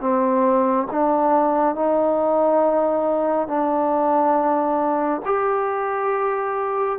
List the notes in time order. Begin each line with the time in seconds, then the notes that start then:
0.00 C4
0.91 D4
1.75 D#4
3.47 D4
5.25 G4